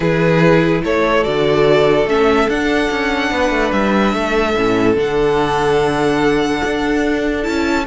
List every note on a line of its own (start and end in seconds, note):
0.00 0.81 E3
0.00 1.23 E4
0.00 0.82 G#4
0.00 0.82 B4
0.84 1.25 A3
0.84 3.32 A4
0.84 1.24 C#5
1.23 2.05 D3
1.23 2.06 F#4
1.23 2.06 D5
2.05 2.47 A3
2.05 2.49 C#4
2.05 2.49 E5
2.48 2.89 D4
2.48 4.55 D4
2.48 3.71 F#5
2.90 3.31 C#4
3.31 3.50 B3
3.31 4.14 B4
3.50 3.71 A3
3.71 4.13 G3
3.71 4.95 E5
4.13 4.54 A3
4.13 7.86 A4
4.55 4.95 A2
4.55 4.96 C#4
4.95 6.61 D3
4.95 7.42 D4
4.95 7.43 F#5
6.65 7.47 D4
7.42 7.87 C#4
7.42 7.84 E4
7.42 7.84 A5